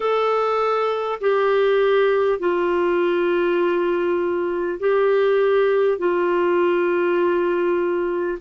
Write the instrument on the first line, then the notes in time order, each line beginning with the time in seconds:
clarinet
0.00 A4
1.20 G4
2.39 F4
4.79 G4
5.98 F4